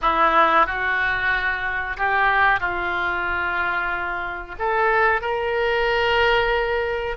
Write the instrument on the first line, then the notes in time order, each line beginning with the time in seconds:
oboe
0.01 E4
0.66 F#4
1.97 G4
2.59 F4
4.58 A4
5.21 A#4